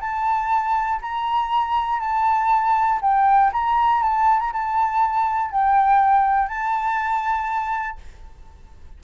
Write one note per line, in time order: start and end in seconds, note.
0.00 1.00 A5
1.01 2.00 A#5
2.00 3.00 A5
3.01 3.51 G5
3.52 4.02 A#5
4.02 4.39 A5
4.39 4.52 A#5
4.52 5.51 A5
5.51 6.48 G5
6.48 7.98 A5